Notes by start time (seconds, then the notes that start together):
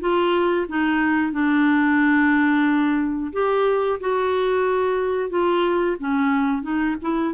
0.00 F4
0.68 D#4
1.32 D4
3.33 G4
4.00 F#4
5.30 F4
5.99 C#4
6.62 D#4
7.02 E4